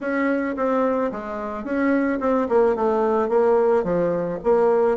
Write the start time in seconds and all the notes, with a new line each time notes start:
0.00 C#4
0.56 C4
1.11 G#3
1.64 C#4
2.19 C4
2.48 A#3
2.75 A3
3.28 A#3
3.83 F3
4.43 A#3